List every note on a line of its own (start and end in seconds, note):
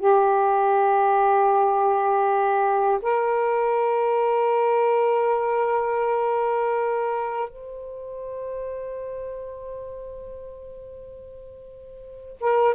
0.00 3.00 G4
3.02 7.50 A#4
7.50 12.37 C5
12.41 12.75 A#4